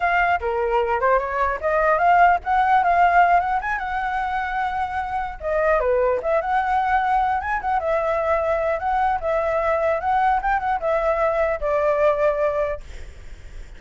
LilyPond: \new Staff \with { instrumentName = "flute" } { \time 4/4 \tempo 4 = 150 f''4 ais'4. c''8 cis''4 | dis''4 f''4 fis''4 f''4~ | f''8 fis''8 gis''8 fis''2~ fis''8~ | fis''4. dis''4 b'4 e''8 |
fis''2~ fis''8 gis''8 fis''8 e''8~ | e''2 fis''4 e''4~ | e''4 fis''4 g''8 fis''8 e''4~ | e''4 d''2. | }